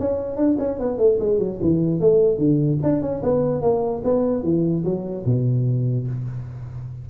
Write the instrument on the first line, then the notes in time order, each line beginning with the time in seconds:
tuba
0.00 C#4
0.37 D4
0.59 C#4
0.79 B3
0.99 A3
1.20 G#3
1.39 F#3
1.62 E3
2.01 A3
2.38 D3
2.83 D4
3.02 C#4
3.23 B3
3.62 A#3
4.04 B3
4.44 E3
4.85 F#3
5.26 B2